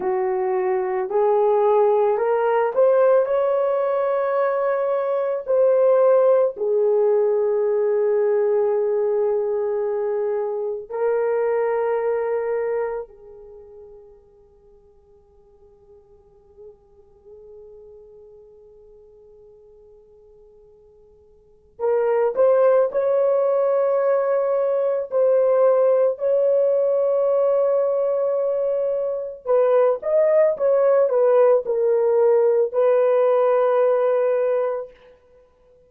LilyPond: \new Staff \with { instrumentName = "horn" } { \time 4/4 \tempo 4 = 55 fis'4 gis'4 ais'8 c''8 cis''4~ | cis''4 c''4 gis'2~ | gis'2 ais'2 | gis'1~ |
gis'1 | ais'8 c''8 cis''2 c''4 | cis''2. b'8 dis''8 | cis''8 b'8 ais'4 b'2 | }